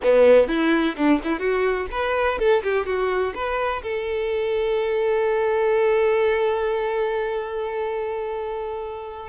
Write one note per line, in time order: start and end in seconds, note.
0.03 0.48 B3
0.48 0.95 E4
0.96 1.20 D4
1.23 1.39 E4
1.39 1.86 F#4
1.91 2.38 B4
2.38 2.62 A4
2.63 2.86 G4
2.86 3.33 F#4
3.34 3.82 B4
3.82 9.29 A4